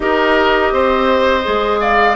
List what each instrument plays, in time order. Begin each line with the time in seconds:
0.00 bassoon D#4, clarinet G4, oboe A#4, flute D#5
0.72 bassoon C4, oboe C5
1.43 bassoon G#3, clarinet G#4
1.80 oboe D5, flute F5